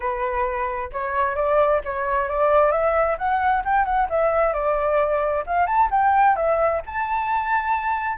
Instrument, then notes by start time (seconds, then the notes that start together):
flute
0.00 B4
0.92 C#5
1.35 D5
1.84 C#5
2.29 D5
2.71 E5
3.18 F#5
3.65 G5
3.85 F#5
4.09 E5
4.53 D5
5.46 F5
5.66 A5
5.90 G5
6.36 E5
6.86 A5